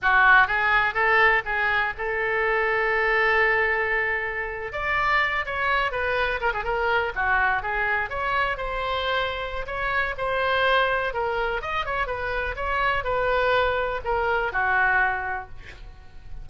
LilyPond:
\new Staff \with { instrumentName = "oboe" } { \time 4/4 \tempo 4 = 124 fis'4 gis'4 a'4 gis'4 | a'1~ | a'4.~ a'16 d''4. cis''8.~ | cis''16 b'4 ais'16 gis'16 ais'4 fis'4 gis'16~ |
gis'8. cis''4 c''2~ c''16 | cis''4 c''2 ais'4 | dis''8 cis''8 b'4 cis''4 b'4~ | b'4 ais'4 fis'2 | }